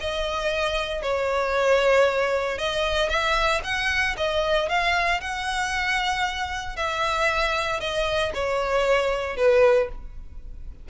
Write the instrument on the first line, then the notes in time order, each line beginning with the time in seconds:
violin
0.00 D#5
1.02 C#5
2.58 D#5
3.09 E5
3.63 F#5
4.17 D#5
4.69 F5
5.21 F#5
6.76 E5
7.80 D#5
8.34 C#5
9.36 B4